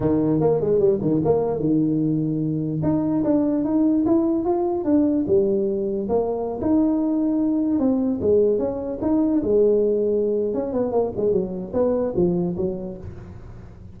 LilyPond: \new Staff \with { instrumentName = "tuba" } { \time 4/4 \tempo 4 = 148 dis4 ais8 gis8 g8 dis8 ais4 | dis2. dis'4 | d'4 dis'4 e'4 f'4 | d'4 g2 ais4~ |
ais16 dis'2. c'8.~ | c'16 gis4 cis'4 dis'4 gis8.~ | gis2 cis'8 b8 ais8 gis8 | fis4 b4 f4 fis4 | }